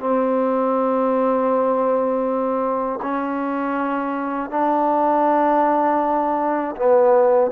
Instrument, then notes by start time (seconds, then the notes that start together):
trombone
0.00 C4
3.02 C#4
4.50 D4
6.76 B3